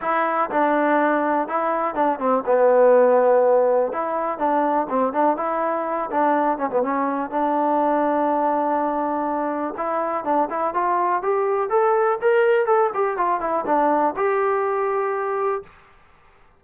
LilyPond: \new Staff \with { instrumentName = "trombone" } { \time 4/4 \tempo 4 = 123 e'4 d'2 e'4 | d'8 c'8 b2. | e'4 d'4 c'8 d'8 e'4~ | e'8 d'4 cis'16 b16 cis'4 d'4~ |
d'1 | e'4 d'8 e'8 f'4 g'4 | a'4 ais'4 a'8 g'8 f'8 e'8 | d'4 g'2. | }